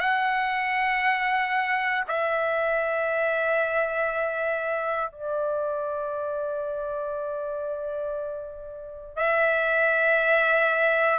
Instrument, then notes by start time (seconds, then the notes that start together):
trumpet
0.00 F#5
2.08 E5
5.11 D5
9.16 E5